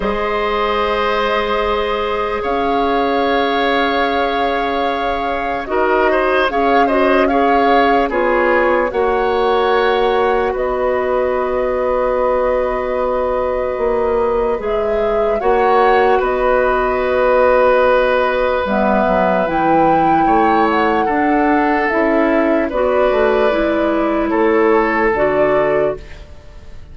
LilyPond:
<<
  \new Staff \with { instrumentName = "flute" } { \time 4/4 \tempo 4 = 74 dis''2. f''4~ | f''2. dis''4 | f''8 dis''8 f''4 cis''4 fis''4~ | fis''4 dis''2.~ |
dis''2 e''4 fis''4 | dis''2. e''4 | g''4. fis''4. e''4 | d''2 cis''4 d''4 | }
  \new Staff \with { instrumentName = "oboe" } { \time 4/4 c''2. cis''4~ | cis''2. ais'8 c''8 | cis''8 c''8 cis''4 gis'4 cis''4~ | cis''4 b'2.~ |
b'2. cis''4 | b'1~ | b'4 cis''4 a'2 | b'2 a'2 | }
  \new Staff \with { instrumentName = "clarinet" } { \time 4/4 gis'1~ | gis'2. fis'4 | gis'8 fis'8 gis'4 f'4 fis'4~ | fis'1~ |
fis'2 gis'4 fis'4~ | fis'2. b4 | e'2 d'4 e'4 | fis'4 e'2 fis'4 | }
  \new Staff \with { instrumentName = "bassoon" } { \time 4/4 gis2. cis'4~ | cis'2. dis'4 | cis'2 b4 ais4~ | ais4 b2.~ |
b4 ais4 gis4 ais4 | b2. g8 fis8 | e4 a4 d'4 cis'4 | b8 a8 gis4 a4 d4 | }
>>